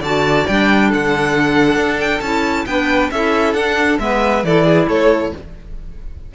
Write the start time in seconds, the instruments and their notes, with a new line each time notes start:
0.00 cello D3, clarinet F#4, violin D5 A5
0.47 cello G3, clarinet D4, violin G5
0.88 cello D3, violin A4 F#5
1.76 cello D4
2.00 violin G5
2.21 cello C#4, clarinet E4, violin A5
2.66 cello B3, clarinet D4, violin B4 G5
3.11 cello C#4, clarinet E4, violin A4 E5
3.53 cello D4, clarinet D4, violin F#5
3.99 cello G#3, clarinet B3, violin B4 E5
4.43 cello E3, clarinet E4, violin A4 D5
4.64 violin G#4
4.88 cello A3, violin A4 C#5